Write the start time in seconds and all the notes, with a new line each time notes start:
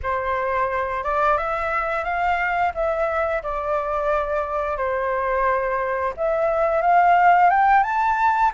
0.02 C5
1.03 D5
1.37 E5
2.04 F5
2.74 E5
3.42 D5
4.77 C5
6.16 E5
6.81 F5
7.50 G5
7.83 A5